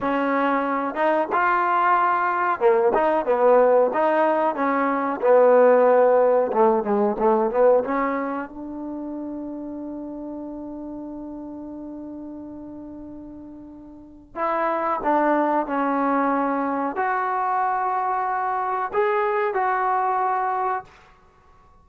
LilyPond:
\new Staff \with { instrumentName = "trombone" } { \time 4/4 \tempo 4 = 92 cis'4. dis'8 f'2 | ais8 dis'8 b4 dis'4 cis'4 | b2 a8 gis8 a8 b8 | cis'4 d'2.~ |
d'1~ | d'2 e'4 d'4 | cis'2 fis'2~ | fis'4 gis'4 fis'2 | }